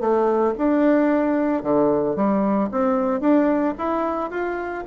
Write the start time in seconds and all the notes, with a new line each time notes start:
0.00 A3
0.57 D4
1.63 D3
2.16 G3
2.71 C4
3.20 D4
3.78 E4
4.30 F4